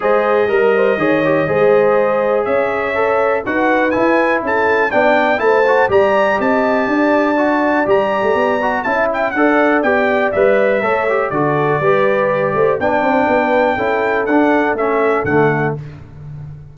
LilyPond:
<<
  \new Staff \with { instrumentName = "trumpet" } { \time 4/4 \tempo 4 = 122 dis''1~ | dis''4 e''2 fis''4 | gis''4 a''4 g''4 a''4 | ais''4 a''2. |
ais''2 a''8 g''8 fis''4 | g''4 e''2 d''4~ | d''2 g''2~ | g''4 fis''4 e''4 fis''4 | }
  \new Staff \with { instrumentName = "horn" } { \time 4/4 c''4 ais'8 c''8 cis''4 c''4~ | c''4 cis''2 b'4~ | b'4 a'4 d''4 c''4 | d''4 dis''4 d''2~ |
d''2 e''4 d''4~ | d''2 cis''4 a'4 | b'4. c''8 d''8 c''8 b'4 | a'1 | }
  \new Staff \with { instrumentName = "trombone" } { \time 4/4 gis'4 ais'4 gis'8 g'8 gis'4~ | gis'2 a'4 fis'4 | e'2 d'4 e'8 fis'8 | g'2. fis'4 |
g'4. fis'8 e'4 a'4 | g'4 b'4 a'8 g'8 fis'4 | g'2 d'2 | e'4 d'4 cis'4 a4 | }
  \new Staff \with { instrumentName = "tuba" } { \time 4/4 gis4 g4 dis4 gis4~ | gis4 cis'2 dis'4 | e'4 cis'4 b4 a4 | g4 c'4 d'2 |
g8. a16 b4 cis'4 d'4 | b4 g4 a4 d4 | g4. a8 b8 c'8 b4 | cis'4 d'4 a4 d4 | }
>>